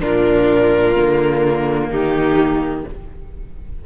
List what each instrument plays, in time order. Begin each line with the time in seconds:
0.00 cello A#2, viola D4, violin F4 A#4
0.95 cello D3, viola A#3
1.89 cello D#3, violin D#4 G4